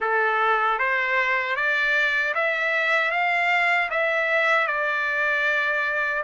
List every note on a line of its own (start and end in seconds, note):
0.00 0.78 A4
0.78 1.56 C5
1.56 2.34 D5
2.34 3.11 E5
3.11 3.89 F5
3.90 4.67 E5
4.67 6.23 D5